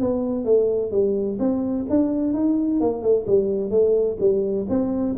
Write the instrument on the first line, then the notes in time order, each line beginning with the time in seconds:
tuba
0.00 B3
0.45 A3
0.91 G3
1.39 C4
1.89 D4
2.33 D#4
2.80 A#3
3.02 A3
3.26 G3
3.70 A3
4.20 G3
4.69 C4